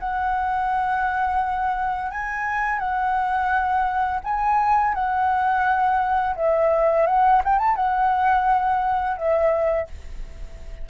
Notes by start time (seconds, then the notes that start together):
0.00 F#5
2.11 G#5
2.79 F#5
4.24 G#5
4.95 F#5
6.36 E5
7.07 F#5
7.45 G5
7.59 A5
7.76 F#5
9.17 E5